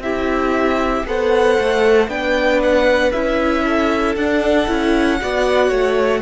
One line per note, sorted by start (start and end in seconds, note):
0.00 1.03 C4
0.00 1.06 E4
0.00 1.07 G4
0.00 1.06 E5
1.06 1.58 B3
1.06 2.09 A4
1.06 2.11 C5
1.06 2.09 F#5
1.60 2.08 A3
2.08 3.12 B3
2.08 3.12 D4
2.08 3.65 B4
2.08 2.61 G5
2.64 3.12 F#5
3.12 4.16 C#4
3.12 4.18 E4
3.12 4.16 E5
3.65 5.20 A4
4.16 4.68 D4
4.16 6.22 F#5
4.68 5.20 C#4
4.68 5.20 E4
5.20 5.71 B3
5.20 6.22 F#4
5.20 5.69 D5
5.69 6.22 A3
5.69 6.21 C#5